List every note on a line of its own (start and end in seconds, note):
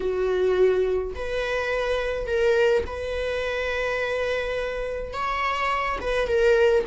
0.00 1.14 F#4
1.15 2.26 B4
2.26 2.84 A#4
2.86 5.13 B4
5.13 5.98 C#5
6.00 6.27 B4
6.27 6.84 A#4